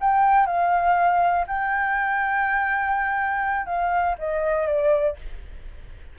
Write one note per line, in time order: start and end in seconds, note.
0.00 0.46 G5
0.46 1.46 F5
1.47 3.66 G5
3.66 4.16 F5
4.18 4.67 D#5
4.67 5.16 D5